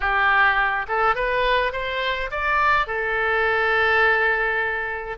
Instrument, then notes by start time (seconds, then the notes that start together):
oboe
0.00 G4
0.88 A4
1.15 B4
1.72 C5
2.31 D5
2.86 A4